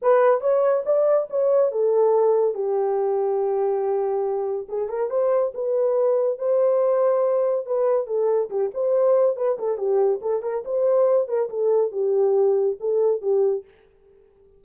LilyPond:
\new Staff \with { instrumentName = "horn" } { \time 4/4 \tempo 4 = 141 b'4 cis''4 d''4 cis''4 | a'2 g'2~ | g'2. gis'8 ais'8 | c''4 b'2 c''4~ |
c''2 b'4 a'4 | g'8 c''4. b'8 a'8 g'4 | a'8 ais'8 c''4. ais'8 a'4 | g'2 a'4 g'4 | }